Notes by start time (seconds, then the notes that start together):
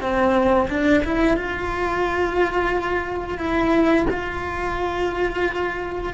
0.00 C4
0.69 D4
1.04 E4
1.36 F4
3.38 E4
4.10 F4